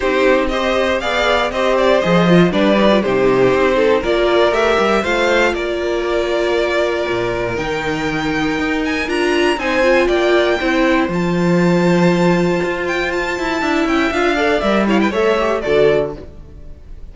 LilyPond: <<
  \new Staff \with { instrumentName = "violin" } { \time 4/4 \tempo 4 = 119 c''4 dis''4 f''4 dis''8 d''8 | dis''4 d''4 c''2 | d''4 e''4 f''4 d''4~ | d''2. g''4~ |
g''4. gis''8 ais''4 gis''4 | g''2 a''2~ | a''4. g''8 a''4. g''8 | f''4 e''8 f''16 g''16 e''4 d''4 | }
  \new Staff \with { instrumentName = "violin" } { \time 4/4 g'4 c''4 d''4 c''4~ | c''4 b'4 g'4. a'8 | ais'2 c''4 ais'4~ | ais'1~ |
ais'2. c''4 | d''4 c''2.~ | c''2. e''4~ | e''8 d''4 cis''16 b'16 cis''4 a'4 | }
  \new Staff \with { instrumentName = "viola" } { \time 4/4 dis'4 g'4 gis'4 g'4 | gis'8 f'8 d'8 dis'16 f'16 dis'2 | f'4 g'4 f'2~ | f'2. dis'4~ |
dis'2 f'4 dis'8 f'8~ | f'4 e'4 f'2~ | f'2. e'4 | f'8 a'8 ais'8 e'8 a'8 g'8 fis'4 | }
  \new Staff \with { instrumentName = "cello" } { \time 4/4 c'2 b4 c'4 | f4 g4 c4 c'4 | ais4 a8 g8 a4 ais4~ | ais2 ais,4 dis4~ |
dis4 dis'4 d'4 c'4 | ais4 c'4 f2~ | f4 f'4. e'8 d'8 cis'8 | d'4 g4 a4 d4 | }
>>